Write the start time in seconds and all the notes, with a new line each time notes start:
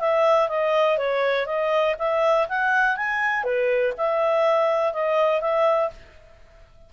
0.00 E5
0.49 D#5
0.98 C#5
1.46 D#5
1.99 E5
2.49 F#5
2.97 G#5
3.44 B4
3.98 E5
4.93 D#5
5.41 E5